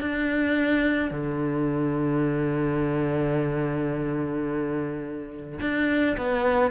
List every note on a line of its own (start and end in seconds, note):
0.00 1.10 D4
1.10 5.59 D3
5.60 6.16 D4
6.17 6.71 B3